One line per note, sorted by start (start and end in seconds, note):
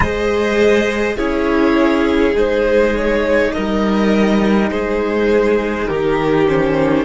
0.00 1.16 G#3
0.00 1.17 G#4
0.00 1.16 C5
0.00 1.16 D#5
1.16 2.34 C#4
1.16 2.34 E4
1.16 3.52 G#4
1.16 2.34 C#5
2.34 3.51 G#3
2.34 6.46 D#4
2.34 2.96 C5
2.96 3.51 C#5
3.51 4.71 A#4
3.51 4.69 D#5
3.58 4.70 G3
4.70 5.88 G#3
4.70 5.87 G#4
4.70 5.87 C5
5.87 7.05 D#3
5.87 7.05 G4
5.87 6.47 A#4
6.47 7.05 C#4
6.47 7.05 C5